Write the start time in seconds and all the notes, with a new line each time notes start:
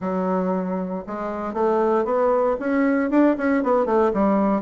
0.00 F#3
1.06 G#3
1.53 A3
2.04 B3
2.59 C#4
3.10 D4
3.37 C#4
3.63 B3
3.85 A3
4.13 G3